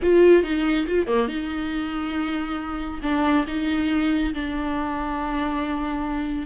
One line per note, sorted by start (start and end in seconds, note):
0.02 0.43 F4
0.43 0.86 D#4
0.87 1.07 F4
1.07 1.27 A#3
1.27 3.00 D#4
3.02 3.45 D4
3.47 4.33 D#4
4.34 6.46 D4